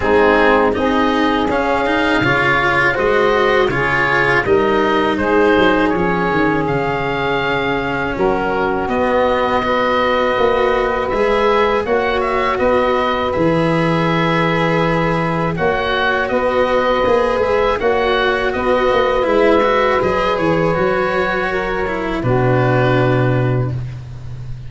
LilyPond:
<<
  \new Staff \with { instrumentName = "oboe" } { \time 4/4 \tempo 4 = 81 gis'4 dis''4 f''2 | dis''4 cis''4 dis''4 c''4 | cis''4 f''2 ais'4 | dis''2. e''4 |
fis''8 e''8 dis''4 e''2~ | e''4 fis''4 dis''4. e''8 | fis''4 dis''4 e''4 dis''8 cis''8~ | cis''2 b'2 | }
  \new Staff \with { instrumentName = "saxophone" } { \time 4/4 dis'4 gis'2 cis''4 | c''4 gis'4 ais'4 gis'4~ | gis'2. fis'4~ | fis'4 b'2. |
cis''4 b'2.~ | b'4 cis''4 b'2 | cis''4 b'2.~ | b'4 ais'4 fis'2 | }
  \new Staff \with { instrumentName = "cello" } { \time 4/4 c'4 dis'4 cis'8 dis'8 f'4 | fis'4 f'4 dis'2 | cis'1 | b4 fis'2 gis'4 |
fis'2 gis'2~ | gis'4 fis'2 gis'4 | fis'2 e'8 fis'8 gis'4 | fis'4. e'8 d'2 | }
  \new Staff \with { instrumentName = "tuba" } { \time 4/4 gis4 c'4 cis'4 cis4 | gis4 cis4 g4 gis8 fis8 | f8 dis8 cis2 fis4 | b2 ais4 gis4 |
ais4 b4 e2~ | e4 ais4 b4 ais8 gis8 | ais4 b8 ais8 gis4 fis8 e8 | fis2 b,2 | }
>>